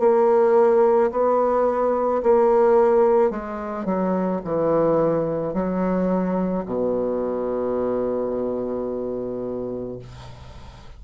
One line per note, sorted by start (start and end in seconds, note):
0.00 1.11 A#3
1.12 2.23 B3
2.23 3.31 A#3
3.31 3.86 G#3
3.86 4.41 F#3
4.45 5.54 E3
5.54 6.65 F#3
6.66 9.99 B2